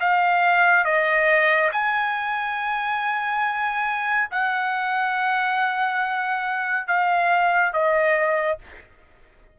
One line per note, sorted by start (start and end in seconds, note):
0.00 0.84 F5
0.84 1.70 D#5
1.72 4.29 G#5
4.31 6.87 F#5
6.87 7.73 F5
7.73 8.58 D#5